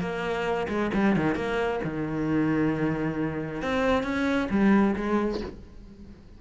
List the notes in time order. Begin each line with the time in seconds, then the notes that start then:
0.00 A#3
0.69 G#3
0.94 G3
1.16 D#3
1.35 A#3
1.84 D#3
3.62 C4
4.03 C#4
4.50 G3
4.96 G#3